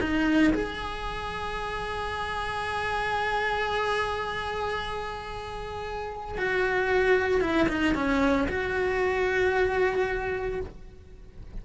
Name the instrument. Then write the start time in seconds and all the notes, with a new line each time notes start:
cello
0.00 D#4
0.54 G#4
6.37 F#4
7.41 E4
7.68 D#4
7.94 C#4
8.48 F#4